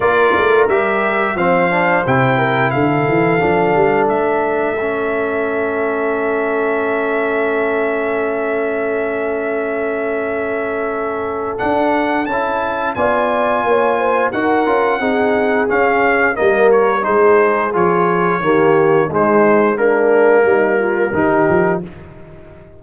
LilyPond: <<
  \new Staff \with { instrumentName = "trumpet" } { \time 4/4 \tempo 4 = 88 d''4 e''4 f''4 g''4 | f''2 e''2~ | e''1~ | e''1~ |
e''4 fis''4 a''4 gis''4~ | gis''4 fis''2 f''4 | dis''8 cis''8 c''4 cis''2 | c''4 ais'2. | }
  \new Staff \with { instrumentName = "horn" } { \time 4/4 ais'2 c''4. ais'8 | a'1~ | a'1~ | a'1~ |
a'2. d''4 | cis''8 c''8 ais'4 gis'2 | ais'4 gis'2 g'4 | dis'4 d'4 dis'8 f'8 g'4 | }
  \new Staff \with { instrumentName = "trombone" } { \time 4/4 f'4 g'4 c'8 d'8 e'4~ | e'4 d'2 cis'4~ | cis'1~ | cis'1~ |
cis'4 d'4 e'4 f'4~ | f'4 fis'8 f'8 dis'4 cis'4 | ais4 dis'4 f'4 ais4 | gis4 ais2 dis'4 | }
  \new Staff \with { instrumentName = "tuba" } { \time 4/4 ais8 a8 g4 f4 c4 | d8 e8 f8 g8 a2~ | a1~ | a1~ |
a4 d'4 cis'4 b4 | ais4 dis'8 cis'8 c'4 cis'4 | g4 gis4 f4 dis4 | gis2 g4 dis8 f8 | }
>>